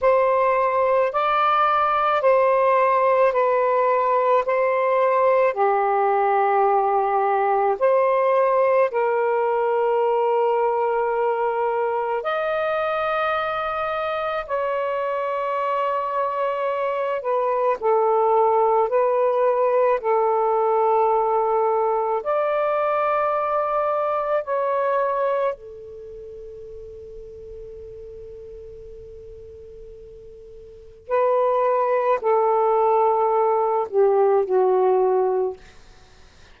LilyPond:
\new Staff \with { instrumentName = "saxophone" } { \time 4/4 \tempo 4 = 54 c''4 d''4 c''4 b'4 | c''4 g'2 c''4 | ais'2. dis''4~ | dis''4 cis''2~ cis''8 b'8 |
a'4 b'4 a'2 | d''2 cis''4 a'4~ | a'1 | b'4 a'4. g'8 fis'4 | }